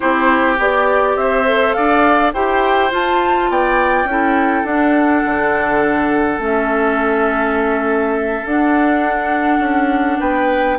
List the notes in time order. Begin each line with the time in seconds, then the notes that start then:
0.00 C4 E4 G4 C5
0.58 B3 G4 D5
1.16 C4 C5 E5
1.45 A4
1.73 D4 D5 F5
2.33 E4 G4 C5 G5
2.90 F4 A5
3.49 B3 D5 G5
4.04 C#4 E4
4.10 A4
4.64 D4 F#5
5.25 D3
6.38 A3 C#4
6.44 E5
8.45 D4 F#5
9.59 C#4
10.19 B3 B4 G5